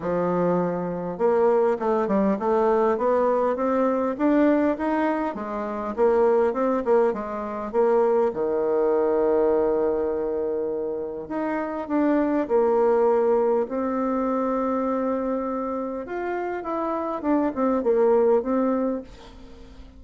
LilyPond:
\new Staff \with { instrumentName = "bassoon" } { \time 4/4 \tempo 4 = 101 f2 ais4 a8 g8 | a4 b4 c'4 d'4 | dis'4 gis4 ais4 c'8 ais8 | gis4 ais4 dis2~ |
dis2. dis'4 | d'4 ais2 c'4~ | c'2. f'4 | e'4 d'8 c'8 ais4 c'4 | }